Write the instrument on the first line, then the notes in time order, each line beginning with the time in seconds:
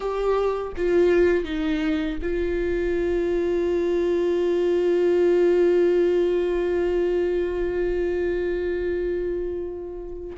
viola
0.00 G4
0.76 F4
1.44 D#4
2.22 F4